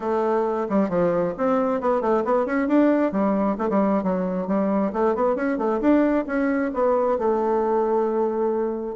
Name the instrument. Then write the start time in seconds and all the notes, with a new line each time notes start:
bassoon
0.00 A3
0.69 G3
0.89 F3
1.37 C4
1.80 B3
2.01 A3
2.24 B3
2.45 C#4
2.68 D4
3.12 G3
3.57 A3
3.69 G3
4.03 F#3
4.47 G3
4.92 A3
5.15 B3
5.35 C#4
5.57 A3
5.80 D4
6.26 C#4
6.73 B3
7.18 A3